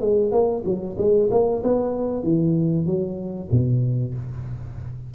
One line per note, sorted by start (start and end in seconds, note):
0.00 0.31 G#3
0.31 0.63 A#3
0.65 0.96 F#3
0.98 1.29 G#3
1.31 1.62 A#3
1.63 2.23 B3
2.23 2.85 E3
2.85 3.49 F#3
3.51 4.14 B2